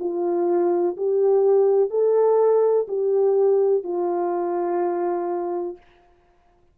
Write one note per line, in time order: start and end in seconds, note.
0.00 0.97 F4
0.97 1.90 G4
1.90 2.87 A4
2.88 3.84 G4
3.84 5.78 F4